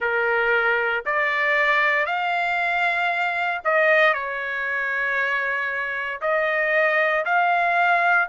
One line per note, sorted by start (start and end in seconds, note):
0.00 1.03 A#4
1.05 2.05 D5
2.05 3.61 F5
3.64 4.13 D#5
4.13 6.20 C#5
6.21 7.24 D#5
7.25 8.29 F5